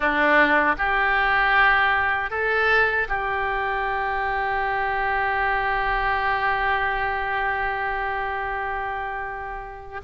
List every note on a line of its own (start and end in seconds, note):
0.00 0.75 D4
0.78 2.30 G4
2.30 3.07 A4
3.08 10.00 G4